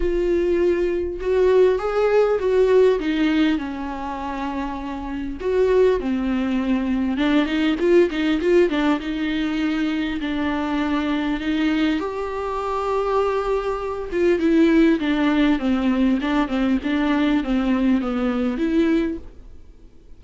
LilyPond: \new Staff \with { instrumentName = "viola" } { \time 4/4 \tempo 4 = 100 f'2 fis'4 gis'4 | fis'4 dis'4 cis'2~ | cis'4 fis'4 c'2 | d'8 dis'8 f'8 dis'8 f'8 d'8 dis'4~ |
dis'4 d'2 dis'4 | g'2.~ g'8 f'8 | e'4 d'4 c'4 d'8 c'8 | d'4 c'4 b4 e'4 | }